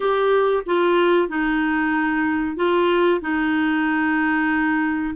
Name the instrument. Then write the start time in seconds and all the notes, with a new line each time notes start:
clarinet
0.00 G4
0.66 F4
1.28 D#4
2.56 F4
3.21 D#4